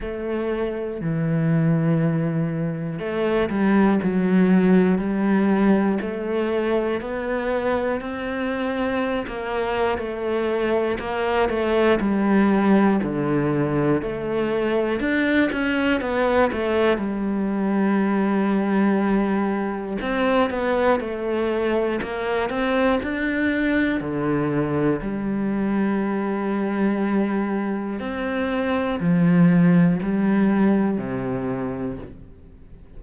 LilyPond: \new Staff \with { instrumentName = "cello" } { \time 4/4 \tempo 4 = 60 a4 e2 a8 g8 | fis4 g4 a4 b4 | c'4~ c'16 ais8. a4 ais8 a8 | g4 d4 a4 d'8 cis'8 |
b8 a8 g2. | c'8 b8 a4 ais8 c'8 d'4 | d4 g2. | c'4 f4 g4 c4 | }